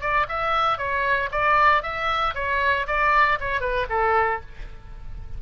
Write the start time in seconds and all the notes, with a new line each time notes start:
0.00 D5
0.28 E5
0.77 C#5
1.31 D5
1.82 E5
2.34 C#5
2.87 D5
3.39 C#5
3.60 B4
3.89 A4